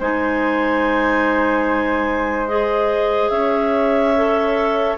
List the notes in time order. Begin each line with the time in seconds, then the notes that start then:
0.00 G#3 D#4 C5 G#5
2.48 G#4 D#5
3.30 C#4 C#5 E5
4.16 A4